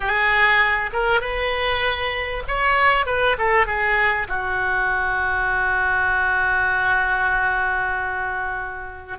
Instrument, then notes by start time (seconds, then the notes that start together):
oboe
0.00 G#4
0.92 A#4
1.20 B4
2.47 C#5
3.06 B4
3.38 A4
3.66 G#4
4.28 F#4